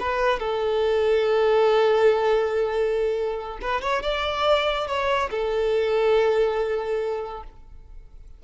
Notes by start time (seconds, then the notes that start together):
0.00 B4
0.40 A4
3.62 B4
3.82 C#5
4.03 D5
4.87 C#5
5.31 A4